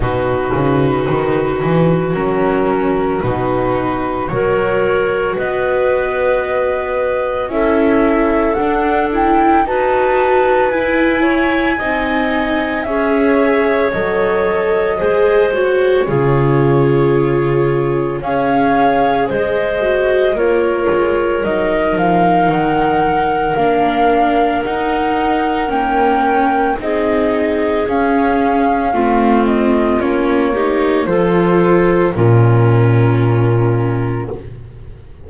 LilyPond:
<<
  \new Staff \with { instrumentName = "flute" } { \time 4/4 \tempo 4 = 56 b'2 ais'4 b'4 | cis''4 dis''2 e''4 | fis''8 g''8 a''4 gis''2 | e''4 dis''4. cis''4.~ |
cis''4 f''4 dis''4 cis''4 | dis''8 f''8 fis''4 f''4 fis''4 | g''4 dis''4 f''4. dis''8 | cis''4 c''4 ais'2 | }
  \new Staff \with { instrumentName = "clarinet" } { \time 4/4 fis'1 | ais'4 b'2 a'4~ | a'4 b'4. cis''8 dis''4 | cis''2 c''4 gis'4~ |
gis'4 cis''4 c''4 ais'4~ | ais'1~ | ais'4 gis'2 f'4~ | f'8 g'8 a'4 f'2 | }
  \new Staff \with { instrumentName = "viola" } { \time 4/4 dis'2 cis'4 dis'4 | fis'2. e'4 | d'8 e'8 fis'4 e'4 dis'4 | gis'4 a'4 gis'8 fis'8 f'4~ |
f'4 gis'4. fis'8 f'4 | dis'2 d'4 dis'4 | cis'4 dis'4 cis'4 c'4 | cis'8 dis'8 f'4 cis'2 | }
  \new Staff \with { instrumentName = "double bass" } { \time 4/4 b,8 cis8 dis8 e8 fis4 b,4 | fis4 b2 cis'4 | d'4 dis'4 e'4 c'4 | cis'4 fis4 gis4 cis4~ |
cis4 cis'4 gis4 ais8 gis8 | fis8 f8 dis4 ais4 dis'4 | ais4 c'4 cis'4 a4 | ais4 f4 ais,2 | }
>>